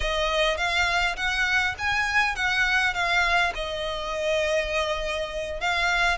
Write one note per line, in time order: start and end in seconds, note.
0.00 0.57 D#5
0.57 1.16 F5
1.16 1.75 F#5
1.78 2.35 G#5
2.35 2.94 F#5
2.94 3.52 F5
3.55 5.60 D#5
5.60 6.17 F5